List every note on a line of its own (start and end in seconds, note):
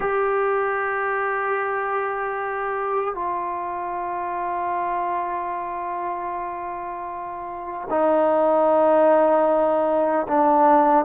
0.00 3.14 G4
3.14 7.87 F4
7.89 10.26 D#4
10.28 11.05 D4